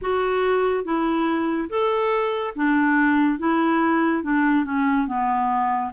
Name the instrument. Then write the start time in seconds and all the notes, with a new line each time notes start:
clarinet
0.01 F#4
0.84 E4
1.69 A4
2.55 D4
3.38 E4
4.23 D4
4.64 C#4
5.07 B3